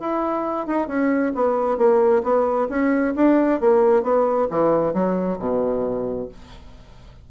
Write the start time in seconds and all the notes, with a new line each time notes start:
0.00 E4
0.67 D#4
0.88 C#4
1.35 B3
1.78 A#3
2.24 B3
2.70 C#4
3.16 D4
3.61 A#3
4.03 B3
4.51 E3
4.94 F#3
5.39 B2